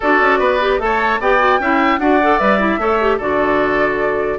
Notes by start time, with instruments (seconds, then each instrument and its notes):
0.00 bassoon D4, clarinet F#4, oboe A4, flute D5
0.20 bassoon C#4
0.39 bassoon B3, oboe B4
0.60 clarinet G4
0.78 bassoon A3, clarinet A4, flute A5
0.84 oboe C#5
1.20 bassoon B3, clarinet G4, oboe D5, flute G5
1.38 clarinet F#4
1.59 bassoon C#4, clarinet E4, oboe E5
1.98 bassoon D4, clarinet F#4, oboe D5, flute F#5
2.22 clarinet A4
2.38 bassoon G3, clarinet B4, flute E5
2.59 clarinet E4
2.78 bassoon A3, clarinet A4, oboe C#5
3.00 clarinet G4
3.17 bassoon D3, clarinet F#4, oboe A4, flute D5